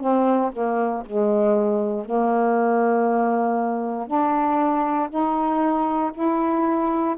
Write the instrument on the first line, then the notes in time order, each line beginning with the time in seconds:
saxophone
0.00 C4
0.52 A#3
1.05 G#3
2.05 A#3
4.07 D4
5.09 D#4
6.13 E4